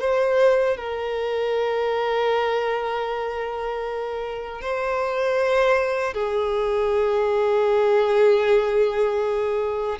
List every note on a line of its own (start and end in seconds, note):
0.00 0.77 C5
0.77 4.61 A#4
4.61 6.14 C5
6.14 9.98 G#4